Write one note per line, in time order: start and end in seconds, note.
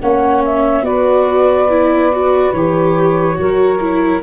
0.00 0.82 A#3
0.00 0.83 C#4
0.00 0.83 C#5
0.00 0.42 F#5
0.44 0.85 E5
0.82 2.51 B3
0.82 1.67 F#4
0.82 3.37 B4
0.82 2.52 D5
1.69 2.11 E4
2.11 2.54 F#4
2.52 3.37 E3
2.52 3.34 G4
2.52 4.21 C#5
3.34 4.22 F#3
3.34 3.76 F#4
3.34 4.22 A#4
3.80 4.22 E4